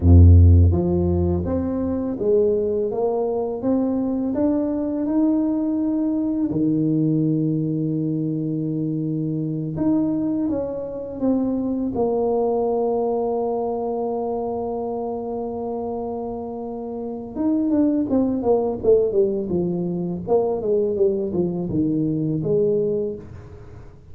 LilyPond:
\new Staff \with { instrumentName = "tuba" } { \time 4/4 \tempo 4 = 83 f,4 f4 c'4 gis4 | ais4 c'4 d'4 dis'4~ | dis'4 dis2.~ | dis4. dis'4 cis'4 c'8~ |
c'8 ais2.~ ais8~ | ais1 | dis'8 d'8 c'8 ais8 a8 g8 f4 | ais8 gis8 g8 f8 dis4 gis4 | }